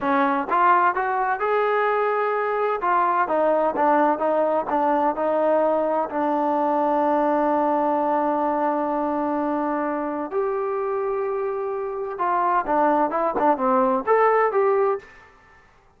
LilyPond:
\new Staff \with { instrumentName = "trombone" } { \time 4/4 \tempo 4 = 128 cis'4 f'4 fis'4 gis'4~ | gis'2 f'4 dis'4 | d'4 dis'4 d'4 dis'4~ | dis'4 d'2.~ |
d'1~ | d'2 g'2~ | g'2 f'4 d'4 | e'8 d'8 c'4 a'4 g'4 | }